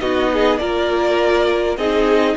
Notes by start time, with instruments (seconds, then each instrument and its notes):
0.00 cello B3, viola D#4, violin F#4 D#5
0.33 violin G#4
0.58 cello A#3, viola F4, violin A#4 D5
1.77 cello C4, viola D#4, violin G#4 D#5